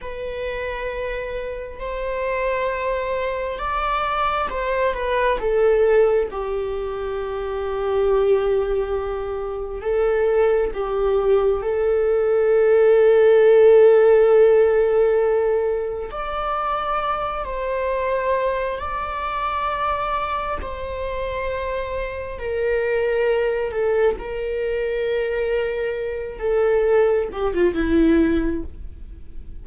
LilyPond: \new Staff \with { instrumentName = "viola" } { \time 4/4 \tempo 4 = 67 b'2 c''2 | d''4 c''8 b'8 a'4 g'4~ | g'2. a'4 | g'4 a'2.~ |
a'2 d''4. c''8~ | c''4 d''2 c''4~ | c''4 ais'4. a'8 ais'4~ | ais'4. a'4 g'16 f'16 e'4 | }